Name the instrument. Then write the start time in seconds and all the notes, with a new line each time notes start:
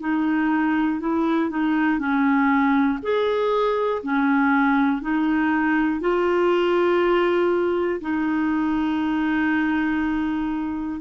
clarinet
0.00 D#4
1.00 E4
1.50 D#4
1.99 C#4
3.02 G#4
4.03 C#4
5.01 D#4
6.00 F4
8.00 D#4